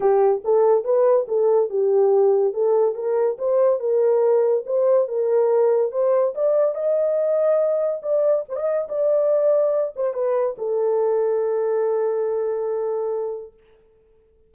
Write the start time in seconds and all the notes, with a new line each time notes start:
0.00 G4
0.44 A4
0.84 B4
1.28 A4
1.69 G4
2.53 A4
2.95 A#4
3.38 C5
3.79 A#4
4.66 C5
5.07 A#4
5.91 C5
6.35 D5
6.74 D#5
8.02 D5
8.48 C5
8.56 D#5
8.88 D5
9.96 C5
10.13 B4
10.57 A4